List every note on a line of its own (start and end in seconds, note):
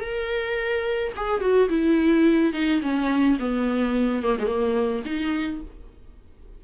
0.00 1.12 A#4
1.16 1.40 G#4
1.40 1.68 F#4
1.69 2.53 E4
2.53 2.81 D#4
2.82 3.38 C#4
3.39 4.23 B3
4.23 4.37 A#3
4.38 4.46 G#3
4.46 5.02 A#3
5.05 5.61 D#4